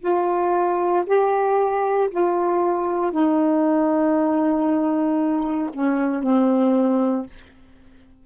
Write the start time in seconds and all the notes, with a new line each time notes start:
0.00 F4
1.06 G4
2.10 F4
3.11 D#4
5.73 C#4
6.23 C4